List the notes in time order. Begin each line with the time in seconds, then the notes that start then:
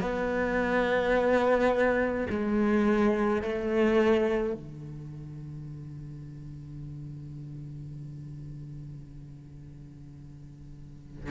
0.00 B3
2.30 G#3
3.42 A3
4.54 D3